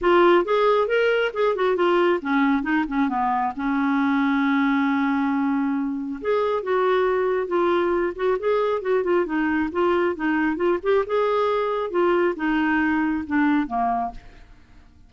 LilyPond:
\new Staff \with { instrumentName = "clarinet" } { \time 4/4 \tempo 4 = 136 f'4 gis'4 ais'4 gis'8 fis'8 | f'4 cis'4 dis'8 cis'8 b4 | cis'1~ | cis'2 gis'4 fis'4~ |
fis'4 f'4. fis'8 gis'4 | fis'8 f'8 dis'4 f'4 dis'4 | f'8 g'8 gis'2 f'4 | dis'2 d'4 ais4 | }